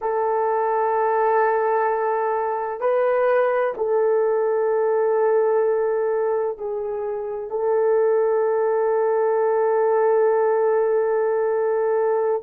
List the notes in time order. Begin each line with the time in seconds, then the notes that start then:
0.01 A4
2.80 B4
3.77 A4
6.58 G#4
7.50 A4